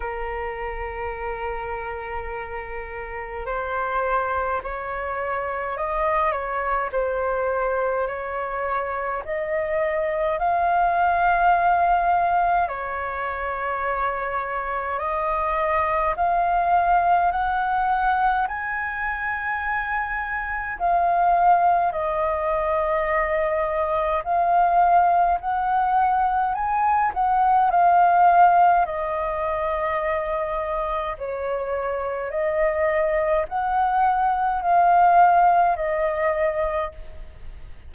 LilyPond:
\new Staff \with { instrumentName = "flute" } { \time 4/4 \tempo 4 = 52 ais'2. c''4 | cis''4 dis''8 cis''8 c''4 cis''4 | dis''4 f''2 cis''4~ | cis''4 dis''4 f''4 fis''4 |
gis''2 f''4 dis''4~ | dis''4 f''4 fis''4 gis''8 fis''8 | f''4 dis''2 cis''4 | dis''4 fis''4 f''4 dis''4 | }